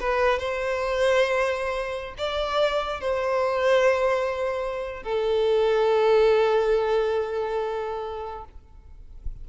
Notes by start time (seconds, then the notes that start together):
0.00 B4
0.39 C5
2.18 D5
3.01 C5
5.03 A4